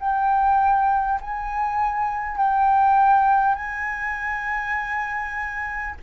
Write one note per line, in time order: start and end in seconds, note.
0.00 1.20 G5
1.21 2.37 G#5
2.37 3.55 G5
3.55 5.95 G#5